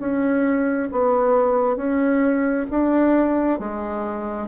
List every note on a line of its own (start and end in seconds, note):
0.00 0.90 C#4
0.92 1.77 B3
1.77 2.66 C#4
2.71 3.59 D4
3.59 4.48 G#3